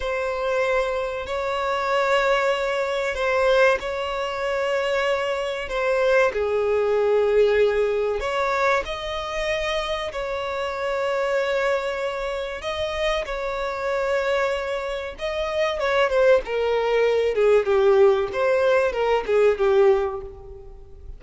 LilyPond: \new Staff \with { instrumentName = "violin" } { \time 4/4 \tempo 4 = 95 c''2 cis''2~ | cis''4 c''4 cis''2~ | cis''4 c''4 gis'2~ | gis'4 cis''4 dis''2 |
cis''1 | dis''4 cis''2. | dis''4 cis''8 c''8 ais'4. gis'8 | g'4 c''4 ais'8 gis'8 g'4 | }